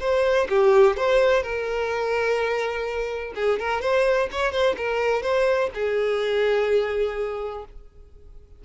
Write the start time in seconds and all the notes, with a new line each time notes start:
0.00 C5
0.49 G4
0.97 C5
1.43 A#4
3.35 G#4
3.59 A#4
3.81 C5
4.31 C#5
4.52 C5
4.77 A#4
5.23 C5
5.74 G#4